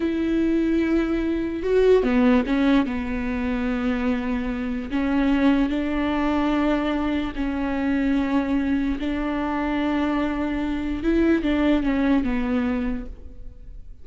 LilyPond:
\new Staff \with { instrumentName = "viola" } { \time 4/4 \tempo 4 = 147 e'1 | fis'4 b4 cis'4 b4~ | b1 | cis'2 d'2~ |
d'2 cis'2~ | cis'2 d'2~ | d'2. e'4 | d'4 cis'4 b2 | }